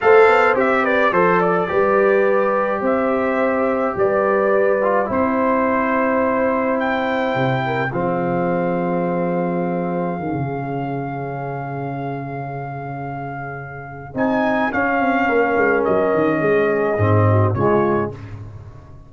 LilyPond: <<
  \new Staff \with { instrumentName = "trumpet" } { \time 4/4 \tempo 4 = 106 f''4 e''8 d''8 c''8 d''4.~ | d''4 e''2 d''4~ | d''4 c''2. | g''2 f''2~ |
f''1~ | f''1~ | f''4 gis''4 f''2 | dis''2. cis''4 | }
  \new Staff \with { instrumentName = "horn" } { \time 4/4 c''4. b'8 c''8 d''8 b'4~ | b'4 c''2 b'4~ | b'4 c''2.~ | c''4. ais'8 gis'2~ |
gis'1~ | gis'1~ | gis'2. ais'4~ | ais'4 gis'4. fis'8 f'4 | }
  \new Staff \with { instrumentName = "trombone" } { \time 4/4 a'4 g'4 a'4 g'4~ | g'1~ | g'8 f'8 e'2.~ | e'2 c'2~ |
c'2 cis'2~ | cis'1~ | cis'4 dis'4 cis'2~ | cis'2 c'4 gis4 | }
  \new Staff \with { instrumentName = "tuba" } { \time 4/4 a8 b8 c'4 f4 g4~ | g4 c'2 g4~ | g4 c'2.~ | c'4 c4 f2~ |
f2 dis16 cis4.~ cis16~ | cis1~ | cis4 c'4 cis'8 c'8 ais8 gis8 | fis8 dis8 gis4 gis,4 cis4 | }
>>